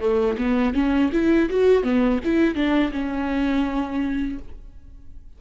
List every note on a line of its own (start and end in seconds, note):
0.00 0.37 A3
0.38 0.74 B3
0.74 1.10 C#4
1.12 1.49 E4
1.50 1.83 F#4
1.83 2.20 B3
2.24 2.55 E4
2.55 2.91 D4
2.92 4.38 C#4